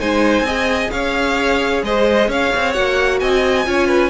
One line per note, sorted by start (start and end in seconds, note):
0.00 0.41 G#3
0.00 0.46 D#4
0.00 0.46 C5
0.00 0.91 G#5
0.41 0.87 C4
0.41 2.74 G#4
0.41 0.92 D#5
0.91 1.83 C#4
0.91 1.85 C#5
0.91 1.82 F5
1.83 2.28 G#3
1.83 2.29 C5
1.83 2.31 D#5
2.28 2.51 C#4
2.28 3.20 C#5
2.28 2.73 F5
2.55 2.77 C4
2.73 3.22 A#3
2.73 3.65 F#4
2.73 3.19 F#5
3.20 3.67 C4
3.20 3.67 D#5
3.20 4.10 G#5
3.65 4.10 C#4
3.65 4.10 F4
3.65 3.87 C#5
3.87 4.10 B4